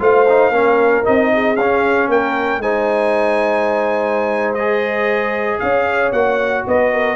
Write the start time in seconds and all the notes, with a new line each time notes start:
0.00 A3 F4 C5 F5
0.29 D#4
0.51 A#3 C#4 A#4
1.04 C4 D#4 D#5
1.34 G#4
1.57 C#4 F5
2.08 A#3 A#4 G5
2.59 G#3 D#4 C5 G#5
4.55 G#4 D#5
5.60 C#4 C#5 F5
6.12 A#3 F#4 F#5
6.68 B3 B4 D#5
6.92 A#4